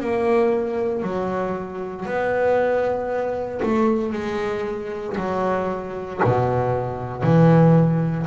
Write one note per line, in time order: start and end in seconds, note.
0.00 1.03 A#3
1.03 2.06 F#3
2.06 3.61 B3
3.62 4.13 A3
4.13 5.16 G#3
5.17 6.21 F#3
6.24 7.23 B2
7.23 8.26 E3